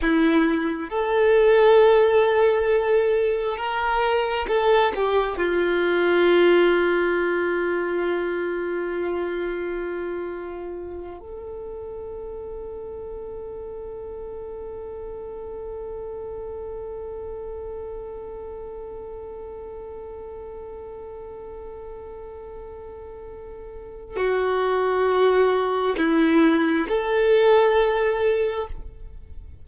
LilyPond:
\new Staff \with { instrumentName = "violin" } { \time 4/4 \tempo 4 = 67 e'4 a'2. | ais'4 a'8 g'8 f'2~ | f'1~ | f'8 a'2.~ a'8~ |
a'1~ | a'1~ | a'2. fis'4~ | fis'4 e'4 a'2 | }